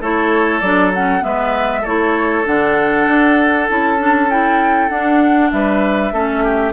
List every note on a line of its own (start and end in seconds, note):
0.00 0.61 A3
0.00 0.63 E4
0.00 1.23 A4
0.00 0.60 C#5
0.60 1.22 F#3
0.60 0.94 D4
0.60 0.91 D5
0.93 1.20 C#4
0.93 1.23 F#5
1.20 1.84 G#3
1.20 1.81 B3
1.20 1.81 B4
1.20 1.84 E5
1.81 2.45 A3
1.81 2.45 E4
1.81 5.48 A4
1.81 2.46 C#5
2.45 3.07 D3
2.45 3.67 D4
2.45 3.68 F#5
3.07 3.68 D4
3.68 4.90 C#4
3.68 3.98 E4
3.68 4.30 A5
3.98 4.29 D4
4.29 4.90 E4
4.29 4.89 G5
4.89 5.51 D4
4.89 6.13 D4
4.89 5.50 F#5
5.51 6.12 G3
5.51 6.13 B4
5.51 6.73 E5
6.12 6.73 A3
6.12 6.73 C#4
6.12 6.43 A4
6.43 6.73 G4